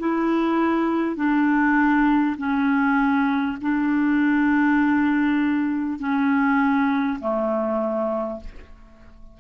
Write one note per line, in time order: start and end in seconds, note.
0.00 1.17 E4
1.17 2.37 D4
2.38 3.58 C#4
3.62 5.99 D4
5.99 7.19 C#4
7.21 8.41 A3